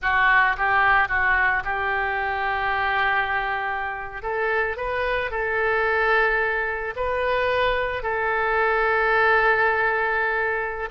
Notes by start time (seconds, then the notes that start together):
0.01 F#4
0.57 G4
1.08 F#4
1.64 G4
4.22 A4
4.77 B4
5.30 A4
6.96 B4
8.03 A4